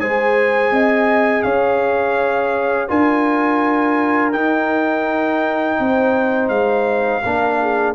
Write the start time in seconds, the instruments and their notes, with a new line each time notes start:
0.00 tuba G#3, trombone G#4, horn C5, trumpet G#5
0.72 tuba C4, horn D#5
1.43 tuba C#4, horn C#5, trumpet F5
2.89 tuba D4, trombone F4, horn A#4, trumpet G#5
4.33 trombone D#4, tuba D#4, trumpet G5
5.80 tuba C4, horn C5
6.49 tuba G#3, trumpet F5
7.24 tuba A#3, trombone D4, horn A#4
7.62 horn G#4